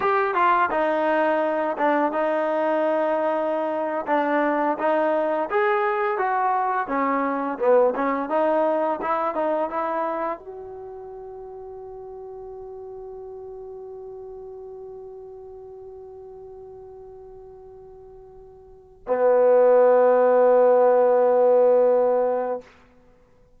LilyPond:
\new Staff \with { instrumentName = "trombone" } { \time 4/4 \tempo 4 = 85 g'8 f'8 dis'4. d'8 dis'4~ | dis'4.~ dis'16 d'4 dis'4 gis'16~ | gis'8. fis'4 cis'4 b8 cis'8 dis'16~ | dis'8. e'8 dis'8 e'4 fis'4~ fis'16~ |
fis'1~ | fis'1~ | fis'2. b4~ | b1 | }